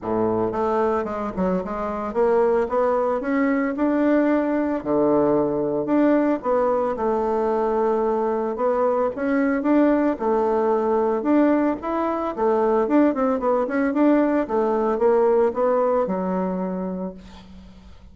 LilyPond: \new Staff \with { instrumentName = "bassoon" } { \time 4/4 \tempo 4 = 112 a,4 a4 gis8 fis8 gis4 | ais4 b4 cis'4 d'4~ | d'4 d2 d'4 | b4 a2. |
b4 cis'4 d'4 a4~ | a4 d'4 e'4 a4 | d'8 c'8 b8 cis'8 d'4 a4 | ais4 b4 fis2 | }